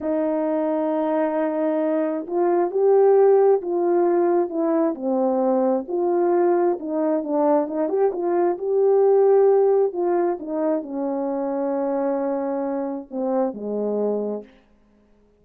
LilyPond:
\new Staff \with { instrumentName = "horn" } { \time 4/4 \tempo 4 = 133 dis'1~ | dis'4 f'4 g'2 | f'2 e'4 c'4~ | c'4 f'2 dis'4 |
d'4 dis'8 g'8 f'4 g'4~ | g'2 f'4 dis'4 | cis'1~ | cis'4 c'4 gis2 | }